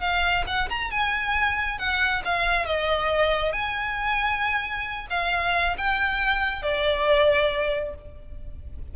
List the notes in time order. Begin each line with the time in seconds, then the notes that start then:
0.00 F5
0.46 F#5
0.69 A#5
0.90 G#5
1.78 F#5
2.24 F5
2.65 D#5
3.52 G#5
5.10 F5
5.77 G5
6.62 D5